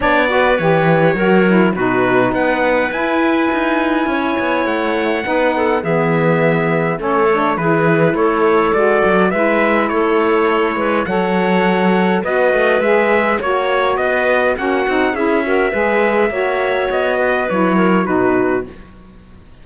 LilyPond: <<
  \new Staff \with { instrumentName = "trumpet" } { \time 4/4 \tempo 4 = 103 d''4 cis''2 b'4 | fis''4 gis''2. | fis''2 e''2 | cis''4 b'4 cis''4 d''4 |
e''4 cis''2 fis''4~ | fis''4 dis''4 e''4 cis''4 | dis''4 fis''4 e''2~ | e''4 dis''4 cis''4 b'4 | }
  \new Staff \with { instrumentName = "clarinet" } { \time 4/4 cis''8 b'4. ais'4 fis'4 | b'2. cis''4~ | cis''4 b'8 a'8 gis'2 | a'4 gis'4 a'2 |
b'4 a'4. b'8 cis''4~ | cis''4 b'2 cis''4 | b'4 fis'4 gis'8 ais'8 b'4 | cis''4. b'4 ais'8 fis'4 | }
  \new Staff \with { instrumentName = "saxophone" } { \time 4/4 d'8 fis'8 g'4 fis'8 e'8 dis'4~ | dis'4 e'2.~ | e'4 dis'4 b2 | cis'8 d'8 e'2 fis'4 |
e'2. a'4~ | a'4 fis'4 gis'4 fis'4~ | fis'4 cis'8 dis'8 e'8 fis'8 gis'4 | fis'2 e'4 dis'4 | }
  \new Staff \with { instrumentName = "cello" } { \time 4/4 b4 e4 fis4 b,4 | b4 e'4 dis'4 cis'8 b8 | a4 b4 e2 | a4 e4 a4 gis8 fis8 |
gis4 a4. gis8 fis4~ | fis4 b8 a8 gis4 ais4 | b4 ais8 c'8 cis'4 gis4 | ais4 b4 fis4 b,4 | }
>>